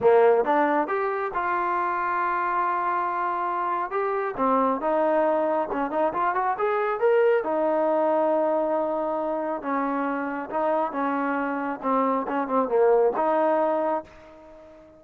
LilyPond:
\new Staff \with { instrumentName = "trombone" } { \time 4/4 \tempo 4 = 137 ais4 d'4 g'4 f'4~ | f'1~ | f'4 g'4 c'4 dis'4~ | dis'4 cis'8 dis'8 f'8 fis'8 gis'4 |
ais'4 dis'2.~ | dis'2 cis'2 | dis'4 cis'2 c'4 | cis'8 c'8 ais4 dis'2 | }